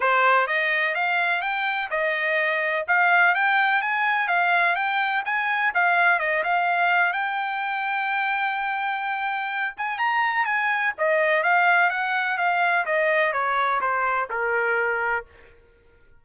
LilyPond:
\new Staff \with { instrumentName = "trumpet" } { \time 4/4 \tempo 4 = 126 c''4 dis''4 f''4 g''4 | dis''2 f''4 g''4 | gis''4 f''4 g''4 gis''4 | f''4 dis''8 f''4. g''4~ |
g''1~ | g''8 gis''8 ais''4 gis''4 dis''4 | f''4 fis''4 f''4 dis''4 | cis''4 c''4 ais'2 | }